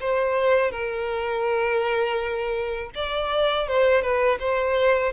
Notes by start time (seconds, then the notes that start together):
0.00 C5
0.71 A#4
2.94 D5
3.68 C5
4.01 B4
4.39 C5